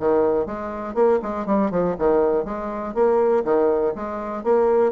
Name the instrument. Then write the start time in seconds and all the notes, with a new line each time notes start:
bassoon
0.00 D#3
0.47 G#3
0.95 A#3
1.23 G#3
1.46 G3
1.71 F3
1.99 D#3
2.45 G#3
2.95 A#3
3.45 D#3
3.96 G#3
4.44 A#3